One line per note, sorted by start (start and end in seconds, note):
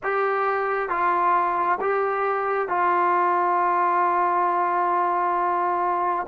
0.03 0.89 G4
0.89 1.79 F4
1.81 2.68 G4
2.68 6.26 F4